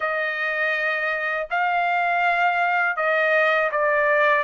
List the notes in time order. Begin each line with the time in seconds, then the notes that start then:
0.00 D#5
1.50 F5
2.96 D#5
3.71 D5